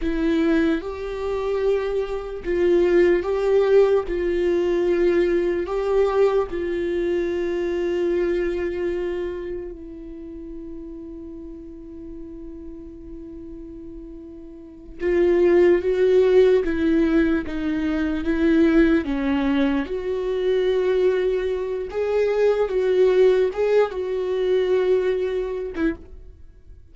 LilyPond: \new Staff \with { instrumentName = "viola" } { \time 4/4 \tempo 4 = 74 e'4 g'2 f'4 | g'4 f'2 g'4 | f'1 | e'1~ |
e'2~ e'8 f'4 fis'8~ | fis'8 e'4 dis'4 e'4 cis'8~ | cis'8 fis'2~ fis'8 gis'4 | fis'4 gis'8 fis'2~ fis'16 e'16 | }